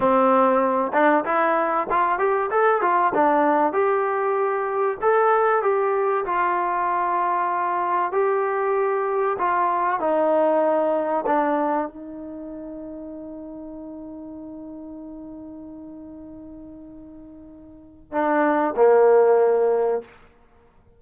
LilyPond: \new Staff \with { instrumentName = "trombone" } { \time 4/4 \tempo 4 = 96 c'4. d'8 e'4 f'8 g'8 | a'8 f'8 d'4 g'2 | a'4 g'4 f'2~ | f'4 g'2 f'4 |
dis'2 d'4 dis'4~ | dis'1~ | dis'1~ | dis'4 d'4 ais2 | }